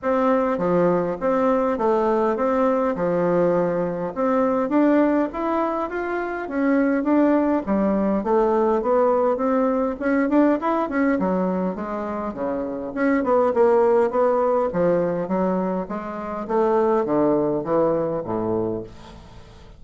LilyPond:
\new Staff \with { instrumentName = "bassoon" } { \time 4/4 \tempo 4 = 102 c'4 f4 c'4 a4 | c'4 f2 c'4 | d'4 e'4 f'4 cis'4 | d'4 g4 a4 b4 |
c'4 cis'8 d'8 e'8 cis'8 fis4 | gis4 cis4 cis'8 b8 ais4 | b4 f4 fis4 gis4 | a4 d4 e4 a,4 | }